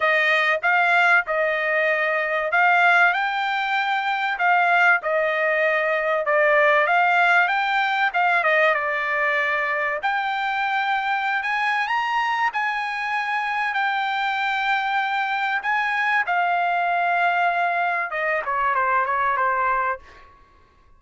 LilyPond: \new Staff \with { instrumentName = "trumpet" } { \time 4/4 \tempo 4 = 96 dis''4 f''4 dis''2 | f''4 g''2 f''4 | dis''2 d''4 f''4 | g''4 f''8 dis''8 d''2 |
g''2~ g''16 gis''8. ais''4 | gis''2 g''2~ | g''4 gis''4 f''2~ | f''4 dis''8 cis''8 c''8 cis''8 c''4 | }